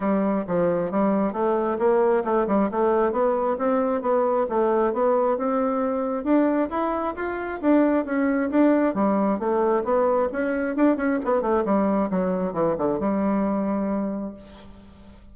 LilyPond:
\new Staff \with { instrumentName = "bassoon" } { \time 4/4 \tempo 4 = 134 g4 f4 g4 a4 | ais4 a8 g8 a4 b4 | c'4 b4 a4 b4 | c'2 d'4 e'4 |
f'4 d'4 cis'4 d'4 | g4 a4 b4 cis'4 | d'8 cis'8 b8 a8 g4 fis4 | e8 d8 g2. | }